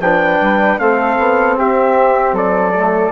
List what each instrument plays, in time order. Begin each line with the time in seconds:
0.00 bassoon F3, trombone D4, flute B4, trumpet G5
0.42 bassoon G3
0.79 bassoon A3, trombone C4, flute A4, trumpet F5
1.19 bassoon B3
1.58 bassoon C4, flute G4, trumpet E5
2.33 bassoon F#3, flute A4, trumpet D5
2.75 trombone A3